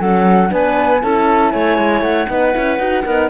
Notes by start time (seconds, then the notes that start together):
0.00 F#3 C#4 A4 F#5
0.49 B3 D4 B4 G#5
1.02 C#4 E4 A4 A5
1.52 A3 C#5 G#5
1.78 G#3
2.01 A3 F#5
2.29 B3 D#4 B4
2.53 C#4 E4
2.79 D#4 F#4
3.05 B3 D#4 A#4